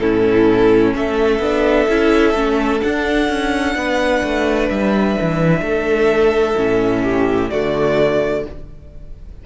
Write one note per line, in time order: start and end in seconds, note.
0.00 0.94 A2
0.00 1.41 C#4
0.00 0.95 E4
0.00 0.94 A4
0.95 1.40 A3
0.95 3.76 A4
0.95 2.82 E5
1.40 1.87 B3
1.40 1.89 D4
1.89 2.34 C#4
1.89 2.36 E4
2.34 2.81 A3
2.34 2.82 C#4
2.82 6.56 D4
2.82 3.30 D4
2.82 4.69 F#5
3.30 3.76 C#4
3.76 4.23 B3
3.76 5.64 B4
4.23 4.70 A3
4.70 5.17 G3
4.70 7.50 E5
5.21 5.62 E3
5.62 6.55 A3
5.62 7.04 A4
6.56 7.51 A2
6.56 7.50 C#4
7.04 7.50 G4
7.50 8.46 D3
7.50 8.46 A3
7.50 8.46 F#4
7.50 8.44 D5